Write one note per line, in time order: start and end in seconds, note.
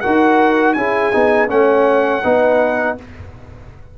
0.00 0.75 D#4
0.00 0.77 F#4
0.00 0.75 A#4
0.00 0.73 F#5
0.73 1.12 C#4
0.73 1.12 E4
0.73 1.51 G#4
0.73 1.47 G#5
1.12 1.49 B3
1.12 1.47 D#4
1.47 2.23 A3
1.47 2.21 C#4
1.47 2.23 C#5
1.47 2.98 F#5
2.23 2.98 B3
2.23 2.98 D#4
2.23 2.97 B4